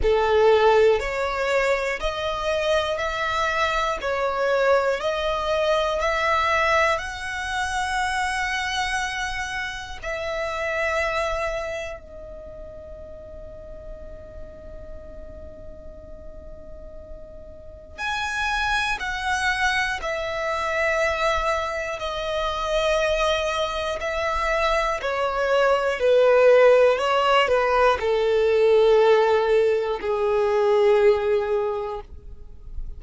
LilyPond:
\new Staff \with { instrumentName = "violin" } { \time 4/4 \tempo 4 = 60 a'4 cis''4 dis''4 e''4 | cis''4 dis''4 e''4 fis''4~ | fis''2 e''2 | dis''1~ |
dis''2 gis''4 fis''4 | e''2 dis''2 | e''4 cis''4 b'4 cis''8 b'8 | a'2 gis'2 | }